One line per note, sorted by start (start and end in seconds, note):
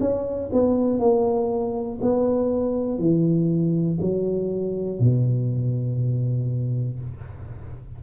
0.00 0.50 C#4
0.53 1.00 B3
1.00 2.00 A#3
2.01 2.98 B3
2.98 3.98 E3
4.00 5.00 F#3
5.00 7.00 B2